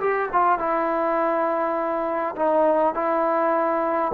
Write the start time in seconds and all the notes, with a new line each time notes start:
0.00 G4
0.32 F4
0.59 E4
2.36 D#4
2.94 E4